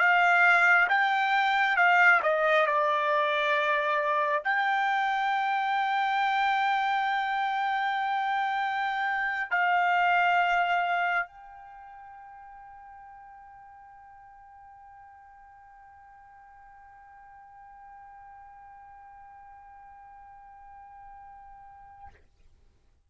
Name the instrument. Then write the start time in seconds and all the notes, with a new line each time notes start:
trumpet
0.00 F5
0.89 G5
1.77 F5
2.23 D#5
2.66 D5
4.44 G5
9.51 F5
11.27 G5